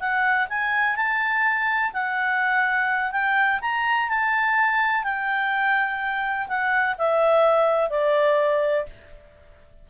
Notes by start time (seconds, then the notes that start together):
0.00 F#5
0.50 G#5
0.96 A5
1.94 F#5
3.12 G5
3.62 A#5
4.10 A5
5.04 G5
6.49 F#5
6.99 E5
7.90 D5